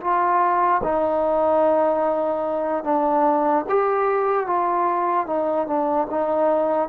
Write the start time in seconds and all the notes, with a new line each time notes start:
0.00 F4
0.83 D#4
2.83 D4
3.69 G4
4.46 F4
5.26 D#4
5.66 D4
6.10 D#4